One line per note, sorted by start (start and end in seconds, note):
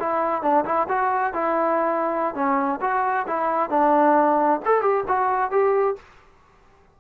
0.00 0.42 E4
0.42 0.65 D4
0.65 0.88 E4
0.89 1.34 F#4
1.34 2.35 E4
2.35 2.80 C#4
2.81 3.26 F#4
3.27 3.70 E4
3.70 4.60 D4
4.66 4.82 A4
4.82 5.04 G4
5.08 5.51 F#4
5.51 5.96 G4